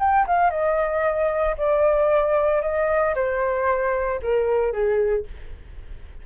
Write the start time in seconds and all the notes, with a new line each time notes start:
0.00 G5
0.27 F5
0.51 D#5
1.58 D5
2.62 D#5
3.15 C5
4.23 A#4
4.73 G#4